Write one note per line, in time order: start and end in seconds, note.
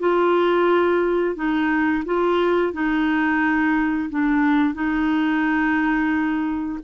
0.00 1.36 F4
1.36 2.04 D#4
2.06 2.73 F4
2.73 4.10 D#4
4.10 4.75 D4
4.75 6.79 D#4